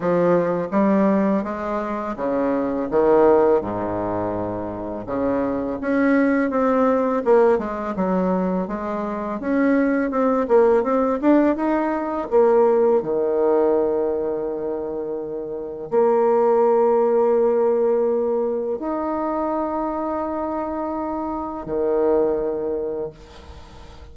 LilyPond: \new Staff \with { instrumentName = "bassoon" } { \time 4/4 \tempo 4 = 83 f4 g4 gis4 cis4 | dis4 gis,2 cis4 | cis'4 c'4 ais8 gis8 fis4 | gis4 cis'4 c'8 ais8 c'8 d'8 |
dis'4 ais4 dis2~ | dis2 ais2~ | ais2 dis'2~ | dis'2 dis2 | }